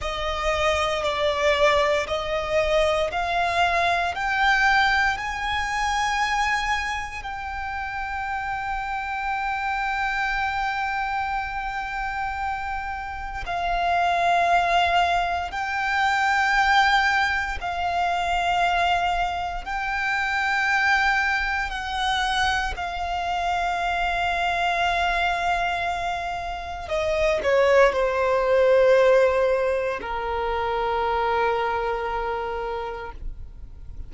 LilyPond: \new Staff \with { instrumentName = "violin" } { \time 4/4 \tempo 4 = 58 dis''4 d''4 dis''4 f''4 | g''4 gis''2 g''4~ | g''1~ | g''4 f''2 g''4~ |
g''4 f''2 g''4~ | g''4 fis''4 f''2~ | f''2 dis''8 cis''8 c''4~ | c''4 ais'2. | }